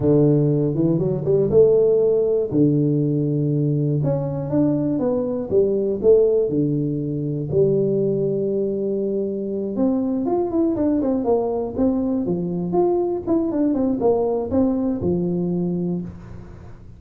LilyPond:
\new Staff \with { instrumentName = "tuba" } { \time 4/4 \tempo 4 = 120 d4. e8 fis8 g8 a4~ | a4 d2. | cis'4 d'4 b4 g4 | a4 d2 g4~ |
g2.~ g8 c'8~ | c'8 f'8 e'8 d'8 c'8 ais4 c'8~ | c'8 f4 f'4 e'8 d'8 c'8 | ais4 c'4 f2 | }